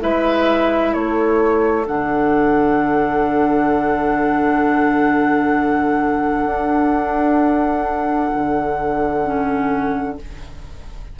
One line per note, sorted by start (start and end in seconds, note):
0.00 0.95 G#3
0.00 1.85 E4
0.00 0.94 B4
0.00 0.93 E5
0.93 1.87 A3
0.93 10.17 A4
0.93 1.86 C#5
1.86 6.45 D3
1.86 9.24 D4
1.86 10.18 F#5
6.45 8.30 D4
8.35 10.19 D3
9.24 10.16 C#4